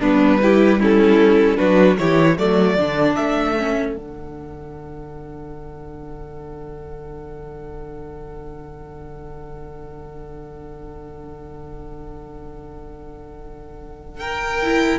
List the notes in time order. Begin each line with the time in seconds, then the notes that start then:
0.00 G3 B3 D4 B4
0.42 E4 G4
0.80 C#4 E4 A4
1.57 F#3 D4 F#4 B4
1.98 E3 E4 G4 C#5
2.36 F#3 A3 A4 D5
2.76 D3 D4
3.16 A3 E5
3.58 C#4
3.94 D3 D4 F#5
14.19 A#4 G5
14.62 E4